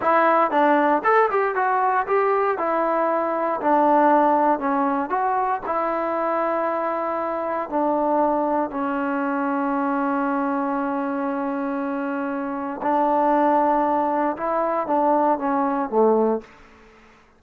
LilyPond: \new Staff \with { instrumentName = "trombone" } { \time 4/4 \tempo 4 = 117 e'4 d'4 a'8 g'8 fis'4 | g'4 e'2 d'4~ | d'4 cis'4 fis'4 e'4~ | e'2. d'4~ |
d'4 cis'2.~ | cis'1~ | cis'4 d'2. | e'4 d'4 cis'4 a4 | }